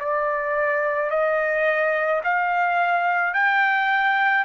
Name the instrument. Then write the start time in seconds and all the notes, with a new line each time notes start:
trumpet
0.00 D5
1.11 D#5
2.24 F5
3.34 G5